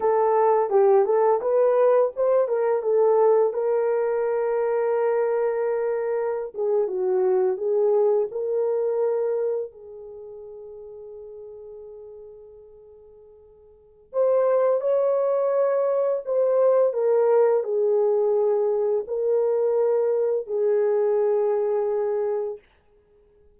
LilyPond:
\new Staff \with { instrumentName = "horn" } { \time 4/4 \tempo 4 = 85 a'4 g'8 a'8 b'4 c''8 ais'8 | a'4 ais'2.~ | ais'4~ ais'16 gis'8 fis'4 gis'4 ais'16~ | ais'4.~ ais'16 gis'2~ gis'16~ |
gis'1 | c''4 cis''2 c''4 | ais'4 gis'2 ais'4~ | ais'4 gis'2. | }